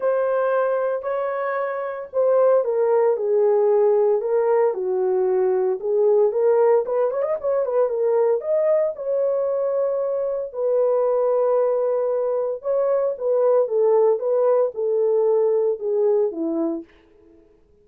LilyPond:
\new Staff \with { instrumentName = "horn" } { \time 4/4 \tempo 4 = 114 c''2 cis''2 | c''4 ais'4 gis'2 | ais'4 fis'2 gis'4 | ais'4 b'8 cis''16 dis''16 cis''8 b'8 ais'4 |
dis''4 cis''2. | b'1 | cis''4 b'4 a'4 b'4 | a'2 gis'4 e'4 | }